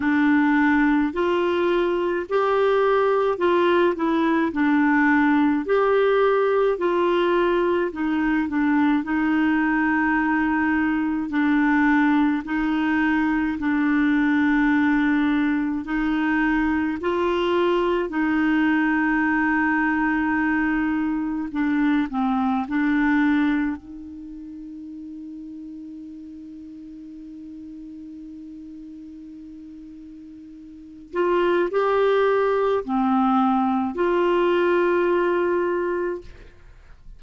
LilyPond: \new Staff \with { instrumentName = "clarinet" } { \time 4/4 \tempo 4 = 53 d'4 f'4 g'4 f'8 e'8 | d'4 g'4 f'4 dis'8 d'8 | dis'2 d'4 dis'4 | d'2 dis'4 f'4 |
dis'2. d'8 c'8 | d'4 dis'2.~ | dis'2.~ dis'8 f'8 | g'4 c'4 f'2 | }